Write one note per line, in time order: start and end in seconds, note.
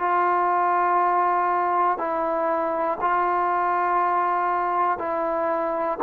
0.00 1.98 F4
1.98 2.99 E4
3.01 4.99 F4
4.99 5.99 E4